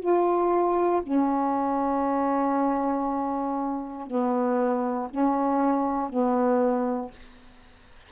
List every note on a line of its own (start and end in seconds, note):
0.00 1.02 F4
1.03 4.07 C#4
4.07 5.09 B3
5.11 6.10 C#4
6.10 7.11 B3